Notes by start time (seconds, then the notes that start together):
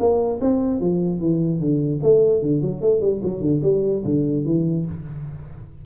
0.00 A#3
0.41 C4
0.81 F3
1.20 E3
1.60 D3
2.03 A3
2.43 D3
2.62 F#3
2.82 A3
3.01 G3
3.23 F#3
3.41 D3
3.63 G3
4.05 D3
4.46 E3